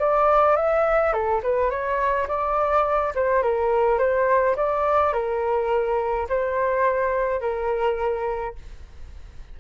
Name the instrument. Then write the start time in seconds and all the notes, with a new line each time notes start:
flute
0.00 D5
0.57 E5
1.14 A4
1.44 B4
1.70 C#5
2.28 D5
3.15 C5
3.43 A#4
3.99 C5
4.57 D5
5.14 A#4
6.29 C5
7.41 A#4